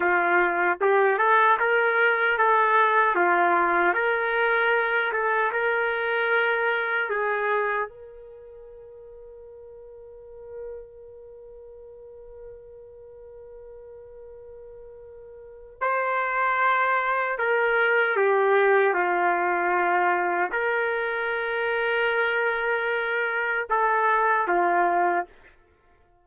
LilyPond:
\new Staff \with { instrumentName = "trumpet" } { \time 4/4 \tempo 4 = 76 f'4 g'8 a'8 ais'4 a'4 | f'4 ais'4. a'8 ais'4~ | ais'4 gis'4 ais'2~ | ais'1~ |
ais'1 | c''2 ais'4 g'4 | f'2 ais'2~ | ais'2 a'4 f'4 | }